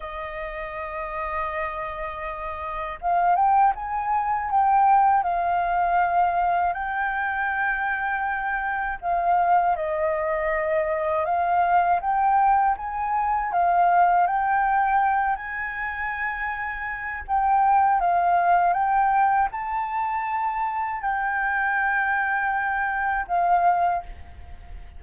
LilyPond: \new Staff \with { instrumentName = "flute" } { \time 4/4 \tempo 4 = 80 dis''1 | f''8 g''8 gis''4 g''4 f''4~ | f''4 g''2. | f''4 dis''2 f''4 |
g''4 gis''4 f''4 g''4~ | g''8 gis''2~ gis''8 g''4 | f''4 g''4 a''2 | g''2. f''4 | }